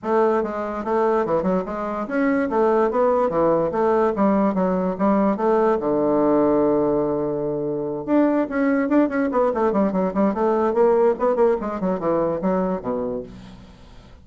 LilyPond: \new Staff \with { instrumentName = "bassoon" } { \time 4/4 \tempo 4 = 145 a4 gis4 a4 e8 fis8 | gis4 cis'4 a4 b4 | e4 a4 g4 fis4 | g4 a4 d2~ |
d2.~ d8 d'8~ | d'8 cis'4 d'8 cis'8 b8 a8 g8 | fis8 g8 a4 ais4 b8 ais8 | gis8 fis8 e4 fis4 b,4 | }